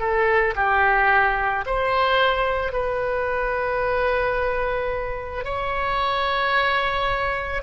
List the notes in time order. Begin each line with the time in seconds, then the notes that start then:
0.00 A4
0.56 G4
1.67 C5
2.73 B4
5.45 C#5